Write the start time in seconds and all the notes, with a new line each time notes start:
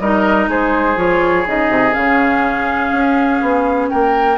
0.00 G3 D#4 A#4 D#5
0.48 G#3 G#4 C5
0.96 F3 F4 C#5
1.46 C#3 D#4 D#5
1.70 C3
1.92 C#3 C#4 F5
2.92 C#4
3.42 B3
3.90 A#3 A#4 G5